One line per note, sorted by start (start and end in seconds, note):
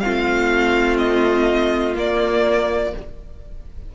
0.00 1.94 C4
0.00 2.94 F4
0.00 0.97 F5
0.06 1.97 A3
0.98 1.95 D#5
1.94 2.91 A#3
1.94 2.93 A#3
1.94 2.95 D5